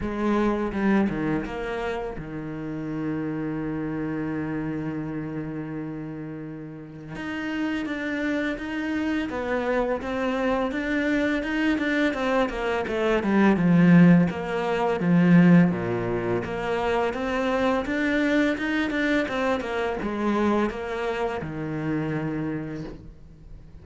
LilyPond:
\new Staff \with { instrumentName = "cello" } { \time 4/4 \tempo 4 = 84 gis4 g8 dis8 ais4 dis4~ | dis1~ | dis2 dis'4 d'4 | dis'4 b4 c'4 d'4 |
dis'8 d'8 c'8 ais8 a8 g8 f4 | ais4 f4 ais,4 ais4 | c'4 d'4 dis'8 d'8 c'8 ais8 | gis4 ais4 dis2 | }